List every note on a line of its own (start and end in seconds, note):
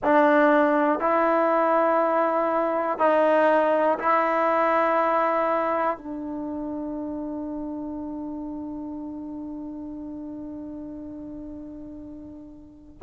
0.03 1.00 D4
1.00 2.98 E4
2.98 3.98 D#4
3.99 5.97 E4
5.97 12.97 D4